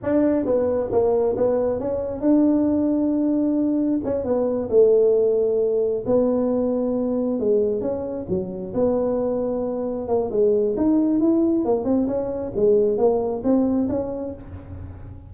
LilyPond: \new Staff \with { instrumentName = "tuba" } { \time 4/4 \tempo 4 = 134 d'4 b4 ais4 b4 | cis'4 d'2.~ | d'4 cis'8 b4 a4.~ | a4. b2~ b8~ |
b8 gis4 cis'4 fis4 b8~ | b2~ b8 ais8 gis4 | dis'4 e'4 ais8 c'8 cis'4 | gis4 ais4 c'4 cis'4 | }